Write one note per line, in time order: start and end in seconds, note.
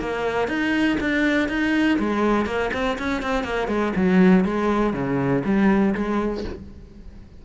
0.00 0.48 A#3
0.48 0.97 D#4
1.00 1.49 D4
1.49 1.98 D#4
1.99 2.46 G#3
2.46 2.70 A#3
2.73 2.98 C4
2.98 3.22 C#4
3.22 3.44 C4
3.44 3.68 A#3
3.68 3.93 G#3
3.96 4.45 F#3
4.45 4.94 G#3
4.94 5.43 C#3
5.45 5.94 G3
5.95 6.44 G#3